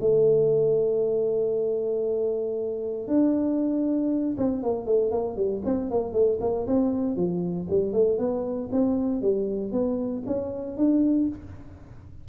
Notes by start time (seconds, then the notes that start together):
0.00 A3
3.07 D4
4.37 C4
4.62 A#3
4.86 A3
5.11 A#3
5.36 G3
5.64 C4
5.90 A#3
6.12 A3
6.40 A#3
6.66 C4
7.16 F3
7.69 G3
7.92 A3
8.18 B3
8.72 C4
9.21 G3
9.72 B3
10.26 C#4
10.77 D4